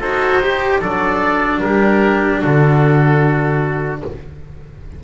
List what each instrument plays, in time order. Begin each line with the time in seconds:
0.00 double bass D#4, cello F#4, trumpet A4, oboe C5
0.42 cello G4, trumpet G4
0.80 double bass F#3, cello D4, trumpet A4, oboe D5
1.60 double bass G3, trumpet G4, oboe A#4
2.41 double bass D3, trumpet F#4, oboe A4